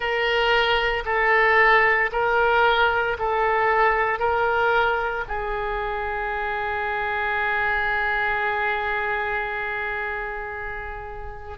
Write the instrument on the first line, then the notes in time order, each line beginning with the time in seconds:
oboe
0.00 A#4
1.05 A4
2.11 A#4
3.19 A4
4.19 A#4
5.27 G#4